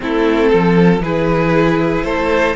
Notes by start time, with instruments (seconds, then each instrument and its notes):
0.00 cello A3, viola C4, violin E4 A4
0.50 cello F3, violin A4
0.99 cello E3, viola E4, violin G#4 B4
2.04 cello A3, violin A4 C5